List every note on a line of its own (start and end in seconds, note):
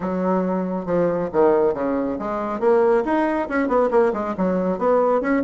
0.00 0.85 F#3
0.85 1.29 F3
1.32 1.74 D#3
1.74 2.17 C#3
2.18 2.60 G#3
2.60 3.03 A#3
3.04 3.48 D#4
3.48 3.68 C#4
3.68 3.89 B3
3.90 4.12 A#3
4.13 4.35 G#3
4.37 4.78 F#3
4.78 5.21 B3
5.21 5.42 C#4